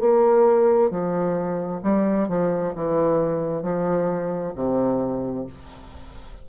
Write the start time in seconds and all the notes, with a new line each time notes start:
0.00 A#3
0.90 F3
1.83 G3
2.28 F3
2.75 E3
3.62 F3
4.55 C3